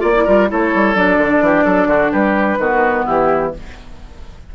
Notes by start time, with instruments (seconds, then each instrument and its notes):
0.00 bassoon A#3, clarinet F4, oboe D5, flute D5
0.15 clarinet E4
0.25 bassoon G3, clarinet F4, oboe A#4
0.49 bassoon A3, clarinet E4, oboe A4, flute C#5
0.75 bassoon G3
0.95 bassoon F#3, clarinet D4, flute D5
1.18 bassoon D3
1.41 bassoon E3, oboe G4
1.65 bassoon F#3, oboe A4
1.87 bassoon D3, oboe F#4
2.12 bassoon G3, oboe G4, flute B4
2.59 bassoon D#3, clarinet B3, oboe F#4
3.06 bassoon E3, oboe E4, flute G4